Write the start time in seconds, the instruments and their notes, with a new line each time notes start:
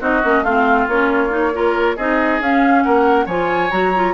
0.00 bassoon C4, clarinet D#4, oboe F#4, flute D#5
0.23 bassoon A#3, clarinet C#4
0.42 bassoon A3, clarinet C4, oboe F4, flute F5
0.87 bassoon A#3, clarinet C#4, flute C#5
1.29 clarinet D#4
1.54 clarinet F4, oboe A#4
1.96 bassoon C4, clarinet D#4, oboe G#4, flute D#5
2.39 bassoon C#4, clarinet C#4, flute F5
2.82 bassoon A#3, oboe A#4, flute F#5
3.25 bassoon F3, clarinet F4, oboe C#5, flute G#5
3.70 bassoon F#3, clarinet F#4, flute A#5
3.95 clarinet F4